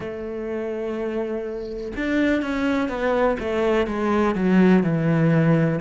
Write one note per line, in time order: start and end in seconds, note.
0.00 1.92 A3
1.96 2.42 D4
2.42 2.89 C#4
2.89 3.37 B3
3.39 3.87 A3
3.87 4.35 G#3
4.35 4.83 F#3
4.83 5.80 E3